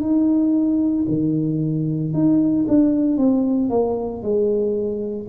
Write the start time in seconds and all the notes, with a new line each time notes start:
0.00 D#4
1.08 D#3
2.13 D#4
2.67 D4
3.17 C4
3.69 A#3
4.22 G#3